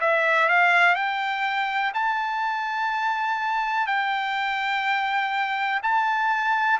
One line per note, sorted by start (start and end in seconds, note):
0.00 0.48 E5
0.48 0.95 F5
0.95 1.92 G5
1.94 3.87 A5
3.87 5.80 G5
5.82 6.79 A5